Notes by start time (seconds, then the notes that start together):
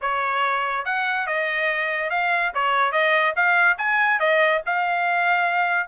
0.01 C#5
0.85 F#5
1.26 D#5
2.10 F5
2.54 C#5
2.92 D#5
3.35 F5
3.78 G#5
4.19 D#5
4.66 F5